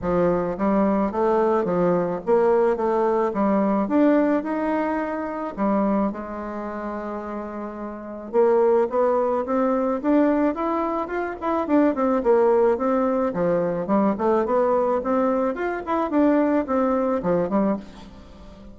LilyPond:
\new Staff \with { instrumentName = "bassoon" } { \time 4/4 \tempo 4 = 108 f4 g4 a4 f4 | ais4 a4 g4 d'4 | dis'2 g4 gis4~ | gis2. ais4 |
b4 c'4 d'4 e'4 | f'8 e'8 d'8 c'8 ais4 c'4 | f4 g8 a8 b4 c'4 | f'8 e'8 d'4 c'4 f8 g8 | }